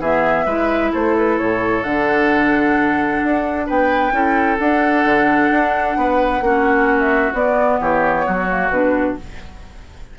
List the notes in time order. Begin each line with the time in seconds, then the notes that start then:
0.00 E3 B3 G#4 E5
0.46 G#3 E4 B4
0.93 A3 A4 C5
1.17 B4
1.39 A2 C#5
1.84 D3 D4 F#5
3.24 D4
3.67 B3 B4 G5
4.12 C#4 E4 A4
4.59 D4 F#5
5.05 D3
5.51 D4
5.97 B3 B4
6.42 A#3 C#4 F#4
7.00 E5
7.34 B3 D5
7.81 E3 G4 C#5
8.27 F#3 F#4
8.49 A#3
8.70 B2 D4 B4